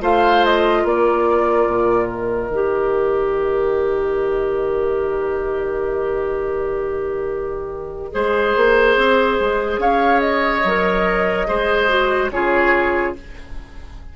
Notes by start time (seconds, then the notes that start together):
0.00 A3 F4 C5 F5
0.45 D#5
0.83 A#3 A#4 D5
1.67 A#2
2.07 D#5
2.49 D#3 G4
8.12 G#3 G#4 C5
8.56 A#3
8.96 C4
9.40 G#3
9.78 C#4 C#5 F5
10.20 D#5
10.64 F#3 A#4
11.47 G#3 G#4 C5
11.87 F#4
12.31 C#3 F4 G#4 C#5